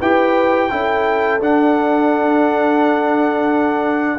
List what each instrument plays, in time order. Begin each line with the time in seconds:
0.00 tuba E4, trombone G4, horn B4, trumpet G5
0.70 tuba C#4, trombone E4, horn A4
1.41 trombone D4, tuba D4, trumpet F#5